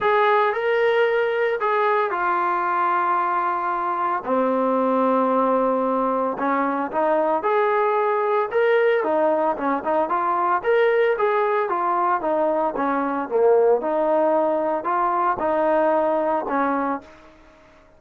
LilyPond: \new Staff \with { instrumentName = "trombone" } { \time 4/4 \tempo 4 = 113 gis'4 ais'2 gis'4 | f'1 | c'1 | cis'4 dis'4 gis'2 |
ais'4 dis'4 cis'8 dis'8 f'4 | ais'4 gis'4 f'4 dis'4 | cis'4 ais4 dis'2 | f'4 dis'2 cis'4 | }